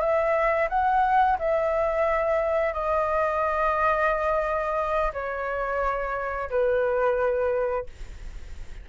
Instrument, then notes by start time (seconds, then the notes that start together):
flute
0.00 E5
0.69 F#5
1.38 E5
2.73 D#5
5.13 C#5
6.50 B4